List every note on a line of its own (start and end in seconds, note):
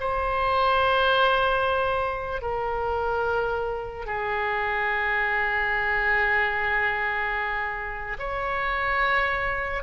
0.00 2.42 C5
2.42 4.06 A#4
4.06 8.17 G#4
8.19 9.83 C#5